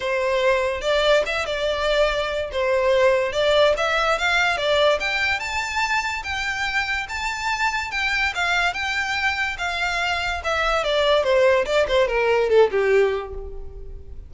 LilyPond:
\new Staff \with { instrumentName = "violin" } { \time 4/4 \tempo 4 = 144 c''2 d''4 e''8 d''8~ | d''2 c''2 | d''4 e''4 f''4 d''4 | g''4 a''2 g''4~ |
g''4 a''2 g''4 | f''4 g''2 f''4~ | f''4 e''4 d''4 c''4 | d''8 c''8 ais'4 a'8 g'4. | }